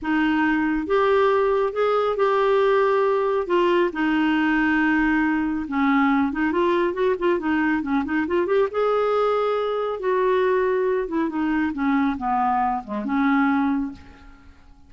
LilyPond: \new Staff \with { instrumentName = "clarinet" } { \time 4/4 \tempo 4 = 138 dis'2 g'2 | gis'4 g'2. | f'4 dis'2.~ | dis'4 cis'4. dis'8 f'4 |
fis'8 f'8 dis'4 cis'8 dis'8 f'8 g'8 | gis'2. fis'4~ | fis'4. e'8 dis'4 cis'4 | b4. gis8 cis'2 | }